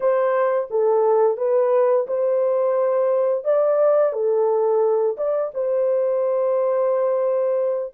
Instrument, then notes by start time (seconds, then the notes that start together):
horn
0.00 C5
0.70 A4
1.37 B4
2.07 C5
3.44 D5
4.13 A4
5.17 D5
5.54 C5